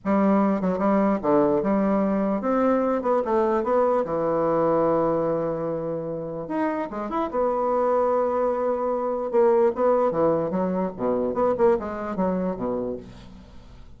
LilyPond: \new Staff \with { instrumentName = "bassoon" } { \time 4/4 \tempo 4 = 148 g4. fis8 g4 d4 | g2 c'4. b8 | a4 b4 e2~ | e1 |
dis'4 gis8 e'8 b2~ | b2. ais4 | b4 e4 fis4 b,4 | b8 ais8 gis4 fis4 b,4 | }